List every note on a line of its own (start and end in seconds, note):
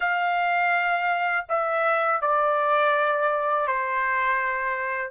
0.00 1.46 F5
1.48 2.21 E5
2.21 3.67 D5
3.67 5.11 C5